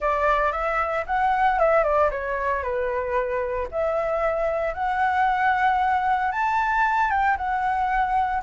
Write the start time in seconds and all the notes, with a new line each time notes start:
0.00 D5
0.52 E5
1.06 F#5
1.59 E5
1.83 D5
2.10 C#5
2.62 B4
3.71 E5
4.74 F#5
6.31 A5
7.10 G5
7.37 F#5